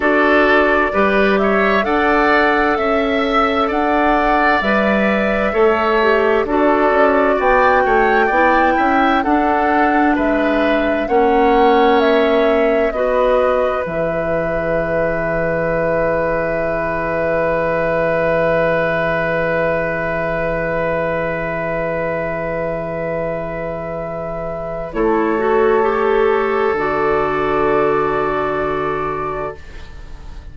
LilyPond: <<
  \new Staff \with { instrumentName = "flute" } { \time 4/4 \tempo 4 = 65 d''4. e''8 fis''4 e''4 | fis''4 e''2 d''4 | g''2 fis''4 e''4 | fis''4 e''4 dis''4 e''4~ |
e''1~ | e''1~ | e''2. cis''4~ | cis''4 d''2. | }
  \new Staff \with { instrumentName = "oboe" } { \time 4/4 a'4 b'8 cis''8 d''4 e''4 | d''2 cis''4 a'4 | d''8 cis''8 d''8 e''8 a'4 b'4 | cis''2 b'2~ |
b'1~ | b'1~ | b'2. a'4~ | a'1 | }
  \new Staff \with { instrumentName = "clarinet" } { \time 4/4 fis'4 g'4 a'2~ | a'4 b'4 a'8 g'8 fis'4~ | fis'4 e'4 d'2 | cis'2 fis'4 gis'4~ |
gis'1~ | gis'1~ | gis'2. e'8 fis'8 | g'4 fis'2. | }
  \new Staff \with { instrumentName = "bassoon" } { \time 4/4 d'4 g4 d'4 cis'4 | d'4 g4 a4 d'8 cis'8 | b8 a8 b8 cis'8 d'4 gis4 | ais2 b4 e4~ |
e1~ | e1~ | e2. a4~ | a4 d2. | }
>>